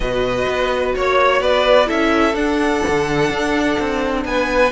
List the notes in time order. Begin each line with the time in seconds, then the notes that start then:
0.00 B2 F#4 B4 D#5
0.48 B3
0.95 A#3 C#5
1.41 B3 B4 D5
1.85 C#4 E4 A4 E5
2.34 D4 F#5
2.88 D3
3.30 D4
3.79 C4
4.24 B3 B4 G#5